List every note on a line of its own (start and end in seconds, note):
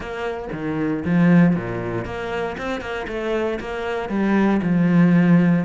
0.00 0.48 A#3
0.52 1.03 D#3
1.04 1.55 F3
1.55 2.05 A#2
2.05 2.56 A#3
2.57 2.80 C4
2.80 3.06 A#3
3.07 3.59 A3
3.60 4.09 A#3
4.09 4.60 G3
4.62 5.65 F3